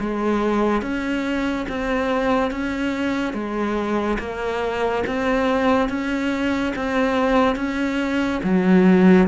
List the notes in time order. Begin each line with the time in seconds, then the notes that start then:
0.00 G#3
0.82 C#4
1.69 C4
2.51 C#4
3.33 G#3
4.19 A#3
5.07 C4
5.89 C#4
6.76 C4
7.56 C#4
8.44 F#3